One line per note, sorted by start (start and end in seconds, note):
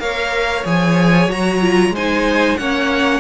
0.00 0.65 A#3
0.00 0.65 A#4
0.00 1.95 C#5
0.00 0.65 F5
0.65 1.28 F3
0.65 1.30 G#4
0.65 1.31 G#5
1.28 1.91 F#3
1.28 1.61 F#4
1.28 1.96 A#5
1.61 1.93 F4
1.91 2.55 G#3
1.91 2.59 C5
1.91 2.58 G#5
1.97 2.59 D#4
2.58 3.20 A#3
2.58 3.20 C#4
2.58 3.20 C#5
2.58 3.20 F#5